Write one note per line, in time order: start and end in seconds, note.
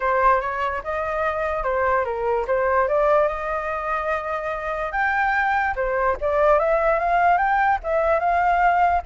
0.00 0.40 C5
0.40 0.81 C#5
0.83 1.63 D#5
1.63 2.04 C5
2.04 2.45 A#4
2.47 2.87 C5
2.87 3.28 D5
3.28 4.92 D#5
4.92 5.74 G5
5.75 6.16 C5
6.20 6.59 D5
6.59 6.99 E5
6.99 7.37 F5
7.37 7.78 G5
7.83 8.19 E5
8.19 9.01 F5